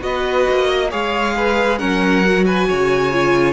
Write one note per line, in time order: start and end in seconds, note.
0.00 0.46 B3
0.00 0.88 F#4
0.00 0.68 B4
0.00 0.91 D#5
0.49 0.93 A#3
0.68 0.90 D#5
0.91 1.81 G#3
0.91 1.79 G#4
0.91 1.35 C#5
0.91 1.79 F5
1.37 1.79 B4
1.79 2.69 F#3
1.79 2.23 C#4
1.79 2.45 A#4
1.79 2.45 F#5
2.25 3.13 F#4
2.46 2.68 B4
2.46 3.53 G#5
2.68 3.53 C#3
2.68 3.53 C#5
3.13 3.53 F4